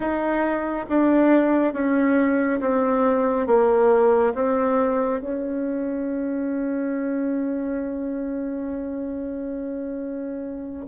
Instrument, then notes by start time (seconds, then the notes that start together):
bassoon
0.00 D#4
0.89 D4
1.73 C#4
2.60 C4
3.46 A#3
4.34 C4
5.20 C#4